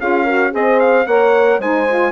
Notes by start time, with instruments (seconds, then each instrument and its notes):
0.00 bassoon C#4, saxophone F4, horn G#4, trumpet F5
0.24 saxophone F#4, horn A#4
0.51 bassoon C4, saxophone G#4, horn C5, trumpet D#5
0.80 trumpet F5
1.07 bassoon A#3, saxophone A#4, horn C#5, trumpet F#5
1.59 bassoon G#3, saxophone D#4, horn C5, trumpet G#5
1.89 saxophone F4